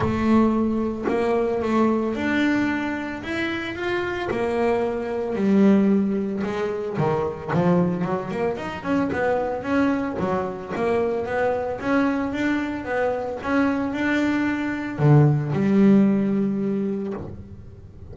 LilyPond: \new Staff \with { instrumentName = "double bass" } { \time 4/4 \tempo 4 = 112 a2 ais4 a4 | d'2 e'4 f'4 | ais2 g2 | gis4 dis4 f4 fis8 ais8 |
dis'8 cis'8 b4 cis'4 fis4 | ais4 b4 cis'4 d'4 | b4 cis'4 d'2 | d4 g2. | }